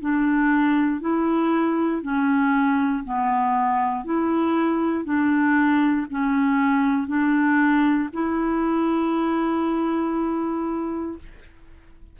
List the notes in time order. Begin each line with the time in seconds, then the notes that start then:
0.00 D4
1.01 E4
2.02 C#4
3.04 B3
4.04 E4
5.05 D4
6.10 C#4
7.08 D4
8.13 E4